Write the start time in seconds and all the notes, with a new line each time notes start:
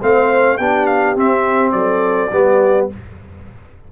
0.00 A3 C4 C5 F5
0.57 B3 D4 G4 G5
0.86 F5
1.15 C4 E5
1.72 F#3 A4 D5
2.31 G3 B3 G4